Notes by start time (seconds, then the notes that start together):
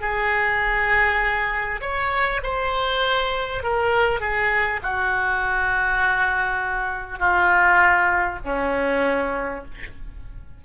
0.00 G#4
1.81 C#5
2.43 C5
3.63 A#4
4.20 G#4
4.82 F#4
7.18 F4
8.44 C#4